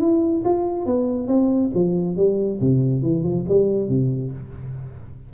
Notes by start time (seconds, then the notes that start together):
0.00 E4
0.45 F4
0.86 B3
1.28 C4
1.74 F3
2.17 G3
2.61 C3
3.03 E3
3.24 F3
3.48 G3
3.88 C3